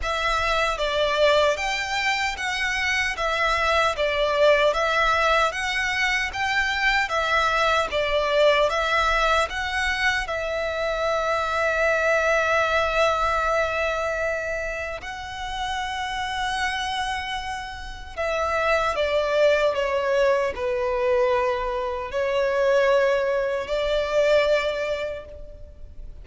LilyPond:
\new Staff \with { instrumentName = "violin" } { \time 4/4 \tempo 4 = 76 e''4 d''4 g''4 fis''4 | e''4 d''4 e''4 fis''4 | g''4 e''4 d''4 e''4 | fis''4 e''2.~ |
e''2. fis''4~ | fis''2. e''4 | d''4 cis''4 b'2 | cis''2 d''2 | }